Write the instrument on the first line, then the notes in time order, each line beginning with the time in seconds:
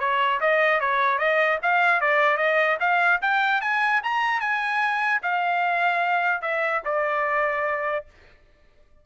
trumpet
0.00 C#5
0.41 D#5
0.81 C#5
1.19 D#5
1.63 F5
2.01 D5
2.38 D#5
2.80 F5
3.22 G5
3.62 G#5
4.04 A#5
4.41 G#5
5.23 F5
6.42 E5
6.85 D5